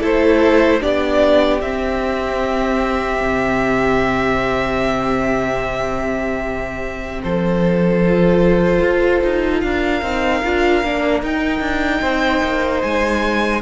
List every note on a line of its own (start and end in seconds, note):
0.00 0.81 A3
0.00 0.81 E4
0.00 0.80 A4
0.00 0.83 C5
0.81 1.62 B3
0.81 1.61 D4
0.81 7.21 G4
0.81 1.61 D5
1.61 3.20 C4
1.61 8.04 C4
1.61 7.21 E5
3.20 7.20 C3
7.24 8.81 F3
7.24 9.64 A4
7.24 9.60 C5
8.05 10.02 F4
8.81 9.21 F4
9.24 9.63 D#4
9.60 10.02 D4
9.60 12.02 A#4
9.60 11.20 F5
10.02 10.42 C4
10.02 10.42 D#4
10.44 10.83 D4
10.44 10.84 F4
10.83 11.23 A#3
10.83 11.24 D4
11.23 11.60 D#4
11.23 13.62 D#4
11.23 12.82 G5
11.60 12.00 D4
12.02 12.42 C4
12.02 13.62 C5
12.43 12.83 A#3
12.82 13.62 G#3
12.82 13.62 G#5